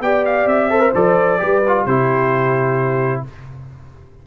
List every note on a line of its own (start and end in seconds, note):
0.00 0.46 B3
0.00 0.70 G4
0.00 0.72 D5
0.00 0.25 G5
0.25 0.48 F5
0.46 0.91 C4
0.46 0.94 E5
0.70 0.80 A4
0.70 1.41 C5
0.80 0.91 A#4
0.94 1.40 F3
0.94 1.39 A4
0.94 1.85 D5
1.39 1.85 G3
1.39 1.62 G4
1.39 1.85 B4
1.67 1.89 F4
1.85 3.23 C3
1.85 3.27 E4
1.85 3.23 G4
1.85 3.23 C5